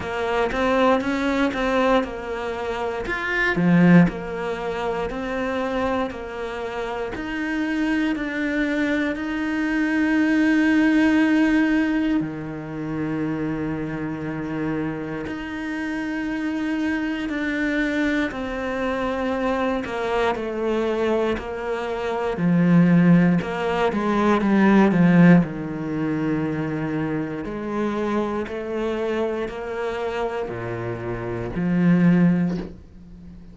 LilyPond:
\new Staff \with { instrumentName = "cello" } { \time 4/4 \tempo 4 = 59 ais8 c'8 cis'8 c'8 ais4 f'8 f8 | ais4 c'4 ais4 dis'4 | d'4 dis'2. | dis2. dis'4~ |
dis'4 d'4 c'4. ais8 | a4 ais4 f4 ais8 gis8 | g8 f8 dis2 gis4 | a4 ais4 ais,4 f4 | }